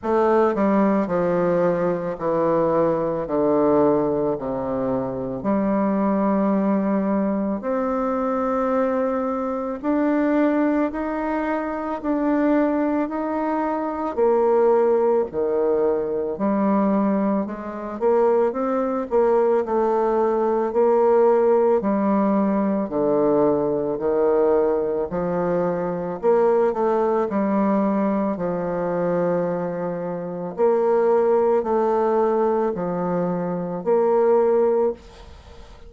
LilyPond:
\new Staff \with { instrumentName = "bassoon" } { \time 4/4 \tempo 4 = 55 a8 g8 f4 e4 d4 | c4 g2 c'4~ | c'4 d'4 dis'4 d'4 | dis'4 ais4 dis4 g4 |
gis8 ais8 c'8 ais8 a4 ais4 | g4 d4 dis4 f4 | ais8 a8 g4 f2 | ais4 a4 f4 ais4 | }